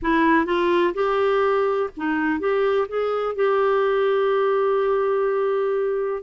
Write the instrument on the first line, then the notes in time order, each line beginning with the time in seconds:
clarinet
0.01 E4
0.45 F4
0.93 G4
1.96 D#4
2.39 G4
2.88 G#4
3.35 G4